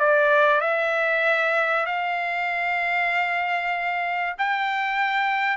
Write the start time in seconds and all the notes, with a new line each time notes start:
0.00 D5
0.61 E5
1.86 F5
4.39 G5